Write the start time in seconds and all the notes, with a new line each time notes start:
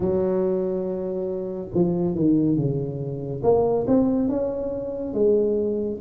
0.00 F#3
1.74 F3
2.14 D#3
2.56 C#3
3.43 A#3
3.86 C4
4.29 C#4
5.14 G#3